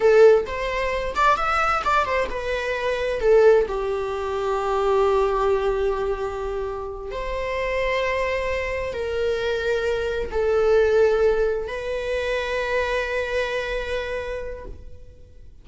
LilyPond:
\new Staff \with { instrumentName = "viola" } { \time 4/4 \tempo 4 = 131 a'4 c''4. d''8 e''4 | d''8 c''8 b'2 a'4 | g'1~ | g'2.~ g'8 c''8~ |
c''2.~ c''8 ais'8~ | ais'2~ ais'8 a'4.~ | a'4. b'2~ b'8~ | b'1 | }